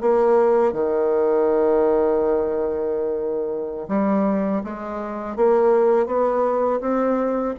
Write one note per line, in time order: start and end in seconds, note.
0.00 0.72 A#3
0.72 3.87 D#3
3.88 4.62 G3
4.63 5.36 G#3
5.36 6.06 A#3
6.06 6.80 B3
6.80 7.54 C4